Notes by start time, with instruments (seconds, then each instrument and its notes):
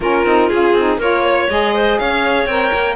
0.00 cello A#3, saxophone C#4, clarinet F4, violin A#4
0.24 cello C4, saxophone D#4
0.49 cello C#4, saxophone F4, violin G#4
0.73 cello C4, saxophone D#4
0.97 cello A#3, saxophone F4, clarinet A#4, violin C#5
1.24 clarinet C#5
1.49 cello G#3, saxophone G#4, violin D#5
1.74 clarinet C5
1.98 cello C#4, clarinet C#5, violin F5
2.45 cello C4, saxophone A#4, violin G5
2.72 cello A#3